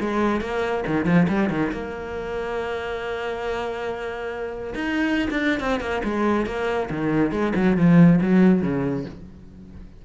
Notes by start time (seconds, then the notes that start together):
0.00 G#3
0.41 A#3
0.87 D#3
1.05 F3
1.29 G3
1.50 D#3
1.72 A#3
4.75 D#4
5.30 D4
5.60 C4
5.81 A#3
6.04 G#3
6.46 A#3
6.90 D#3
7.32 G#3
7.56 F#3
7.77 F3
8.21 F#3
8.62 C#3